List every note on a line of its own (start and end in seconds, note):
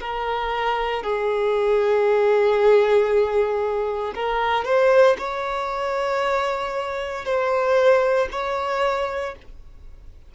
0.00 1.03 A#4
1.03 4.13 G#4
4.15 4.65 A#4
4.65 5.16 C5
5.18 7.25 C#5
7.25 8.28 C5
8.31 9.35 C#5